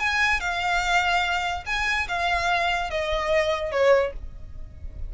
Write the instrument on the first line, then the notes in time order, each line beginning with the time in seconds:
violin
0.00 G#5
0.40 F5
1.66 G#5
2.08 F5
2.91 D#5
3.71 C#5